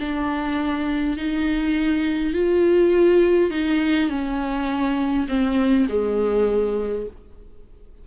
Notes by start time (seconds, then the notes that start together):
0.00 D4
1.17 D#4
2.34 F4
3.51 D#4
4.10 C#4
5.28 C4
5.89 G#3